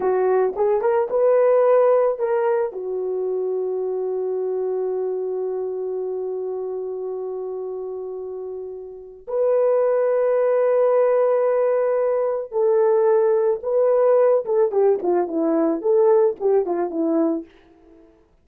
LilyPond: \new Staff \with { instrumentName = "horn" } { \time 4/4 \tempo 4 = 110 fis'4 gis'8 ais'8 b'2 | ais'4 fis'2.~ | fis'1~ | fis'1~ |
fis'4 b'2.~ | b'2. a'4~ | a'4 b'4. a'8 g'8 f'8 | e'4 a'4 g'8 f'8 e'4 | }